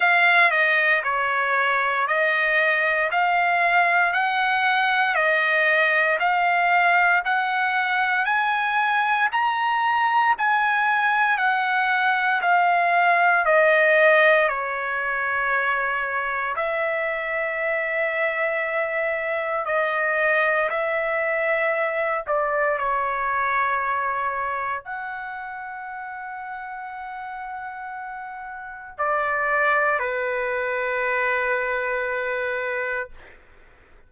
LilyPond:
\new Staff \with { instrumentName = "trumpet" } { \time 4/4 \tempo 4 = 58 f''8 dis''8 cis''4 dis''4 f''4 | fis''4 dis''4 f''4 fis''4 | gis''4 ais''4 gis''4 fis''4 | f''4 dis''4 cis''2 |
e''2. dis''4 | e''4. d''8 cis''2 | fis''1 | d''4 b'2. | }